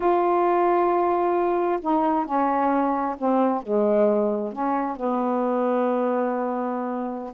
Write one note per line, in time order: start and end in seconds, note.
0.00 1.79 F4
1.81 2.25 D#4
2.25 3.15 C#4
3.18 3.62 C4
3.62 4.52 G#3
4.52 4.96 C#4
4.96 7.33 B3